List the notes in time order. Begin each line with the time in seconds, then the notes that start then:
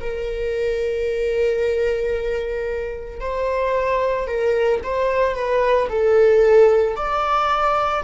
0.00 A#4
3.20 C5
4.27 A#4
4.83 C5
5.35 B4
5.89 A4
6.96 D5